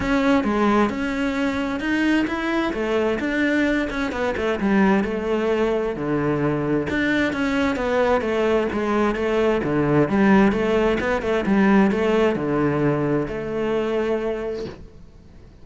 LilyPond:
\new Staff \with { instrumentName = "cello" } { \time 4/4 \tempo 4 = 131 cis'4 gis4 cis'2 | dis'4 e'4 a4 d'4~ | d'8 cis'8 b8 a8 g4 a4~ | a4 d2 d'4 |
cis'4 b4 a4 gis4 | a4 d4 g4 a4 | b8 a8 g4 a4 d4~ | d4 a2. | }